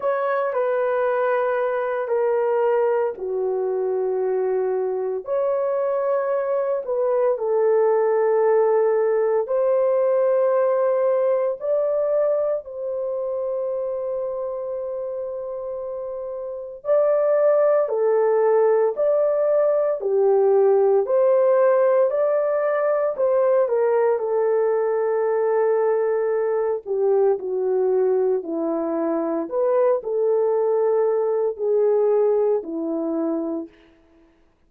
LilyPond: \new Staff \with { instrumentName = "horn" } { \time 4/4 \tempo 4 = 57 cis''8 b'4. ais'4 fis'4~ | fis'4 cis''4. b'8 a'4~ | a'4 c''2 d''4 | c''1 |
d''4 a'4 d''4 g'4 | c''4 d''4 c''8 ais'8 a'4~ | a'4. g'8 fis'4 e'4 | b'8 a'4. gis'4 e'4 | }